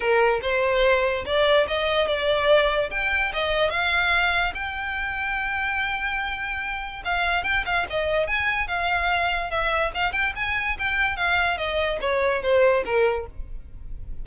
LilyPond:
\new Staff \with { instrumentName = "violin" } { \time 4/4 \tempo 4 = 145 ais'4 c''2 d''4 | dis''4 d''2 g''4 | dis''4 f''2 g''4~ | g''1~ |
g''4 f''4 g''8 f''8 dis''4 | gis''4 f''2 e''4 | f''8 g''8 gis''4 g''4 f''4 | dis''4 cis''4 c''4 ais'4 | }